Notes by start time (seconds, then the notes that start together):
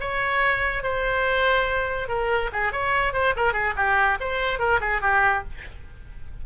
0.00 C#5
0.83 C5
2.08 A#4
2.52 G#4
2.72 C#5
3.13 C5
3.36 A#4
3.53 G#4
3.76 G4
4.20 C5
4.59 A#4
4.80 G#4
5.01 G4